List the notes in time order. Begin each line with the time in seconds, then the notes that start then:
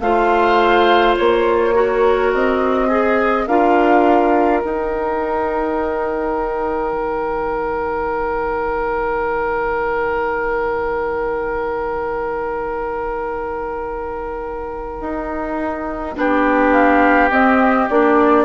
0.00 A3 F4 C5 F5
1.17 A#3 C#5
1.74 F#4 A#4
2.33 C4 D#5
2.87 G#4
3.47 D4 F4 A#4 F5
4.61 D#4 G5
6.93 D#3
15.00 D#4
16.15 B3 D4 G4
16.72 F5
17.30 C4 D#5
17.89 A#3 D4 D5